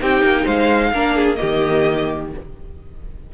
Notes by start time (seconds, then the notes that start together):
0.00 C4 D#4 G4 G5
0.22 A#3
0.44 G#3 C5 F5
0.92 A#3 D4 A#4
1.15 G#4
1.35 A#3 G4 D#5
1.42 D#3